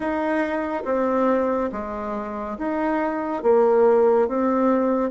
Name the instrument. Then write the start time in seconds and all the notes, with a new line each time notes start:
bassoon
0.00 D#4
0.85 C4
1.71 G#3
2.58 D#4
3.42 A#3
4.28 C4